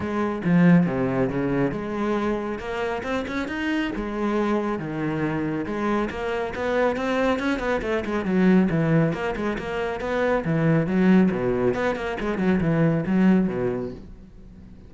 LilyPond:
\new Staff \with { instrumentName = "cello" } { \time 4/4 \tempo 4 = 138 gis4 f4 c4 cis4 | gis2 ais4 c'8 cis'8 | dis'4 gis2 dis4~ | dis4 gis4 ais4 b4 |
c'4 cis'8 b8 a8 gis8 fis4 | e4 ais8 gis8 ais4 b4 | e4 fis4 b,4 b8 ais8 | gis8 fis8 e4 fis4 b,4 | }